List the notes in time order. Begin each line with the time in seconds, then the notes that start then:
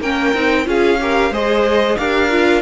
0.00 A#3 C#4 A#4 G5
0.34 C4 D#4
0.65 C#4 F4 G#4 F5
1.00 G4 A#4
1.30 G#3 G#4 C5 D#5
1.97 D4 G4 A#4 F5
2.30 F4